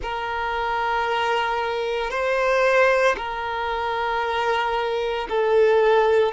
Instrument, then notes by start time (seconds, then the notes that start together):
violin
0.02 A#4
2.10 C5
3.17 A#4
5.29 A4